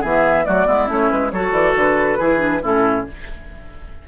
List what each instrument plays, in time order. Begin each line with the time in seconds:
0.00 bassoon E3, clarinet B3, oboe G#4, flute E5
0.44 bassoon F#3, clarinet A3, oboe F#4, flute D5
0.65 bassoon G#3, clarinet B3, oboe E4
0.87 bassoon A3, clarinet C#4, flute C#5
1.10 bassoon G#3, flute B4
1.30 bassoon F#3, clarinet F#4, oboe A4, flute C#5
1.51 bassoon E3, flute D5
1.75 bassoon D3, flute B4
2.18 bassoon E3, clarinet E4, oboe G#4
2.38 clarinet D4
2.62 bassoon A2, clarinet C#4, oboe E4, flute A4